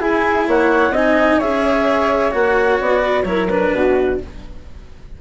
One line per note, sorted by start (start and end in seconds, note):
0.00 0.47 E4
0.00 0.94 E4
0.00 0.47 G#4
0.00 0.48 G#5
0.48 0.91 A#3
0.48 0.92 C#5
0.48 0.96 F#5
0.91 1.37 C4
0.91 1.42 D#4
0.91 1.39 D#5
0.91 1.41 G#5
1.39 2.34 C#4
1.39 2.32 G#4
1.39 3.02 C#5
1.39 2.33 E5
2.32 2.80 A#3
2.32 3.25 F#4
2.32 2.79 F#5
2.80 3.24 B3
2.80 3.24 D5
3.02 3.25 B4
3.24 3.71 F#3
3.24 3.49 E4
3.24 3.75 A#4
3.24 3.47 C#5
3.49 4.21 D4
3.49 4.19 B4
3.73 4.20 B2
3.73 4.21 F#4